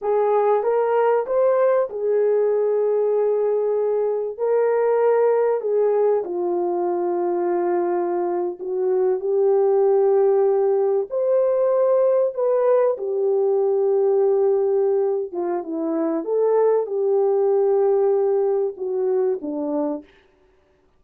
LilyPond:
\new Staff \with { instrumentName = "horn" } { \time 4/4 \tempo 4 = 96 gis'4 ais'4 c''4 gis'4~ | gis'2. ais'4~ | ais'4 gis'4 f'2~ | f'4.~ f'16 fis'4 g'4~ g'16~ |
g'4.~ g'16 c''2 b'16~ | b'8. g'2.~ g'16~ | g'8 f'8 e'4 a'4 g'4~ | g'2 fis'4 d'4 | }